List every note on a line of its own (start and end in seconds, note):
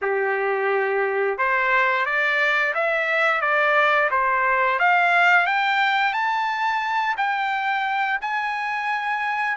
0.01 1.38 G4
1.38 2.05 C5
2.05 2.73 D5
2.74 3.41 E5
3.41 4.09 D5
4.11 4.79 C5
4.79 5.46 F5
5.46 6.13 G5
6.13 7.15 A5
7.17 8.19 G5
8.21 9.56 G#5